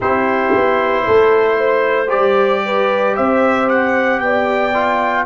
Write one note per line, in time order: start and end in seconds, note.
0.00 0.54 C4
0.00 2.07 E4
0.00 1.05 G4
0.00 2.09 C5
0.54 1.07 B3
1.05 2.13 A3
1.05 1.56 A4
1.56 2.62 C5
2.07 3.18 G3
2.07 4.70 G4
2.07 3.14 D5
2.65 3.16 B4
3.16 4.20 C4
3.16 4.21 C5
3.16 3.68 E5
3.69 4.20 F#5
4.20 5.25 B3
4.20 5.25 D5
4.20 5.25 G5
4.73 5.25 F4